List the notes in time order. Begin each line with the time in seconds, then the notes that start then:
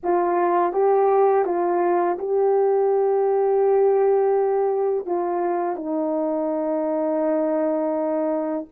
0.03 F4
0.72 G4
1.45 F4
2.18 G4
5.05 F4
5.76 D#4